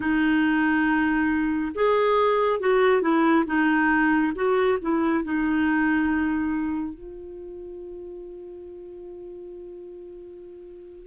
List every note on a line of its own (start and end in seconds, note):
0.00 1.72 D#4
1.74 2.60 G#4
2.60 3.01 F#4
3.01 3.45 E4
3.45 4.32 D#4
4.35 4.78 F#4
4.81 5.24 E4
5.24 6.94 D#4
6.94 11.06 F4